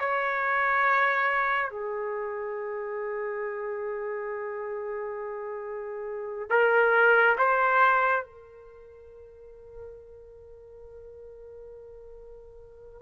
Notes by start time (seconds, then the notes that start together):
0.00 C#5
1.71 G#4
6.51 A#4
7.38 C5
8.25 A#4